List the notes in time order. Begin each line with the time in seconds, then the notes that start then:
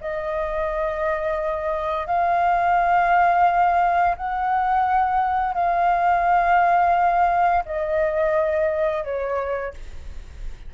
0.00 D#5
2.06 F5
4.16 F#5
5.54 F5
7.65 D#5
9.04 C#5